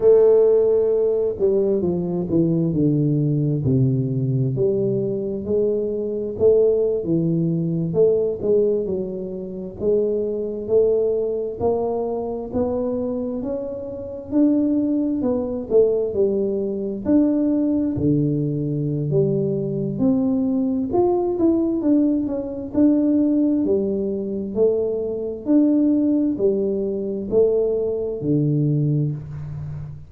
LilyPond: \new Staff \with { instrumentName = "tuba" } { \time 4/4 \tempo 4 = 66 a4. g8 f8 e8 d4 | c4 g4 gis4 a8. e16~ | e8. a8 gis8 fis4 gis4 a16~ | a8. ais4 b4 cis'4 d'16~ |
d'8. b8 a8 g4 d'4 d16~ | d4 g4 c'4 f'8 e'8 | d'8 cis'8 d'4 g4 a4 | d'4 g4 a4 d4 | }